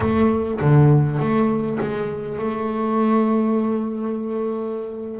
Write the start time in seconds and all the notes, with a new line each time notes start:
0.00 A3
0.60 D3
1.19 A3
1.80 G#3
2.38 A3